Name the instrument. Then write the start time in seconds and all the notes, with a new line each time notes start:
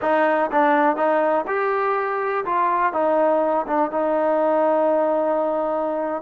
trombone
0.01 D#4
0.51 D4
0.96 D#4
1.47 G4
2.45 F4
2.93 D#4
3.66 D4
3.91 D#4